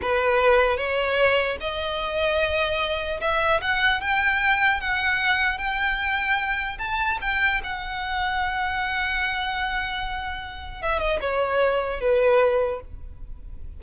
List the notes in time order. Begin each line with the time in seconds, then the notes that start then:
0.01 B4
0.77 C#5
1.60 D#5
3.20 E5
3.61 F#5
4.00 G5
4.80 F#5
5.58 G5
6.78 A5
7.21 G5
7.63 F#5
10.82 E5
10.99 D#5
11.21 C#5
12.00 B4